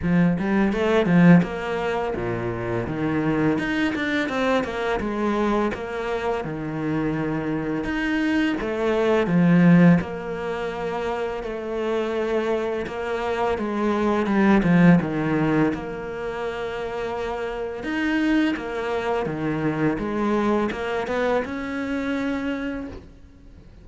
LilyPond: \new Staff \with { instrumentName = "cello" } { \time 4/4 \tempo 4 = 84 f8 g8 a8 f8 ais4 ais,4 | dis4 dis'8 d'8 c'8 ais8 gis4 | ais4 dis2 dis'4 | a4 f4 ais2 |
a2 ais4 gis4 | g8 f8 dis4 ais2~ | ais4 dis'4 ais4 dis4 | gis4 ais8 b8 cis'2 | }